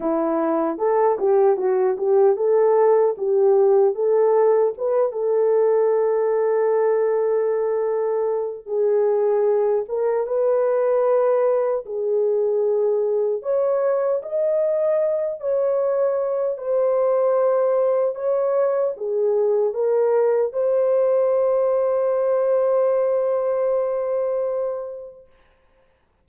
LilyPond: \new Staff \with { instrumentName = "horn" } { \time 4/4 \tempo 4 = 76 e'4 a'8 g'8 fis'8 g'8 a'4 | g'4 a'4 b'8 a'4.~ | a'2. gis'4~ | gis'8 ais'8 b'2 gis'4~ |
gis'4 cis''4 dis''4. cis''8~ | cis''4 c''2 cis''4 | gis'4 ais'4 c''2~ | c''1 | }